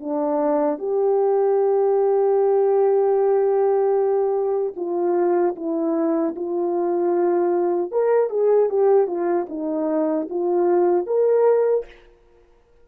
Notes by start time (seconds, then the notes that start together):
0.00 D4
0.79 G4
4.77 F4
5.56 E4
6.36 F4
7.92 A#4
8.30 G#4
8.70 G4
9.08 F4
9.49 D#4
10.30 F4
11.07 A#4